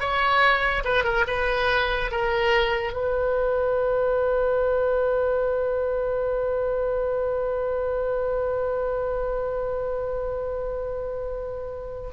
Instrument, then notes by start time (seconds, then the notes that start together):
oboe
0.00 C#5
0.84 B4
1.04 A#4
1.27 B4
2.11 A#4
2.93 B4